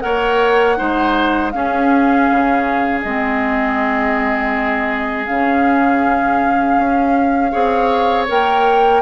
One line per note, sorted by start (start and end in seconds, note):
0.00 0.79 A#3
0.00 0.76 A#4
0.00 0.78 C#5
0.00 1.50 F#5
0.76 1.54 G#3
0.76 1.51 D#4
0.76 1.53 C5
1.50 3.04 C#4
1.50 2.29 C#4
1.50 7.51 G#4
1.50 3.00 F5
2.31 3.04 C#3
3.02 5.29 G#3
3.02 5.27 C4
3.02 5.26 D#5
5.26 6.77 C#3
5.26 7.52 C#4
5.26 8.26 F5
6.77 7.52 C#4
7.51 8.29 C4
7.51 8.27 G#4
7.51 9.01 C#5
8.28 9.02 A#3
8.28 9.02 A#4
8.28 9.02 G5